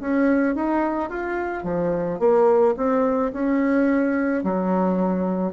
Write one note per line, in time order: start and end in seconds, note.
0.00 0.56 C#4
0.56 1.10 D#4
1.10 1.64 F4
1.64 2.19 F3
2.19 2.75 A#3
2.77 3.32 C4
3.33 4.43 C#4
4.43 5.53 F#3